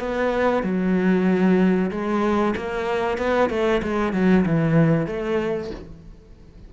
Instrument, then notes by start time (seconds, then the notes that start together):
cello
0.00 B3
0.64 F#3
1.91 G#3
2.57 A#3
3.18 B3
3.50 A3
3.83 G#3
4.14 F#3
4.46 E3
5.07 A3